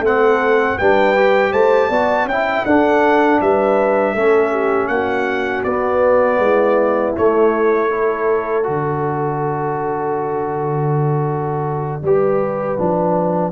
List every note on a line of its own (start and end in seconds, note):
0.00 0.75 A3
0.00 0.80 C4
0.00 0.78 A4
0.00 0.78 F#5
0.78 1.53 G3
0.78 1.17 D4
0.78 1.51 B4
0.78 1.53 G5
1.17 1.92 G4
1.51 1.90 A3
1.51 1.89 C5
1.51 2.28 A5
1.89 2.25 B3
1.89 2.30 F#4
1.89 2.27 D5
2.25 2.63 C#4
2.25 2.66 G5
2.31 2.68 E4
2.31 2.67 E5
2.66 3.41 D4
2.66 4.17 D4
2.66 3.42 A4
2.66 3.41 F#5
3.41 4.15 G3
3.41 4.15 B4
3.41 4.88 E5
4.15 4.89 A3
4.15 5.67 C#4
4.15 4.52 A4
4.52 4.89 G4
4.88 5.64 A#3
4.88 6.42 F#4
4.88 5.63 F#5
5.64 6.39 B3
5.64 7.17 B3
5.64 7.14 D5
6.39 7.14 G#3
6.39 7.91 E4
7.17 7.91 A3
7.17 8.69 A3
7.17 8.67 C#5
7.91 8.64 E4
7.91 12.04 A4
8.64 12.03 D3
8.64 12.01 F#4
8.64 13.52 D5
12.03 12.78 G3
12.03 12.78 G4
12.03 13.52 B4
12.78 13.52 F3
12.78 13.52 D4